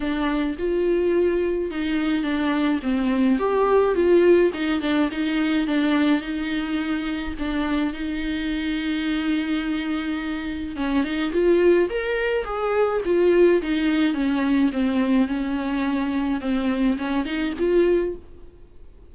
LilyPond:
\new Staff \with { instrumentName = "viola" } { \time 4/4 \tempo 4 = 106 d'4 f'2 dis'4 | d'4 c'4 g'4 f'4 | dis'8 d'8 dis'4 d'4 dis'4~ | dis'4 d'4 dis'2~ |
dis'2. cis'8 dis'8 | f'4 ais'4 gis'4 f'4 | dis'4 cis'4 c'4 cis'4~ | cis'4 c'4 cis'8 dis'8 f'4 | }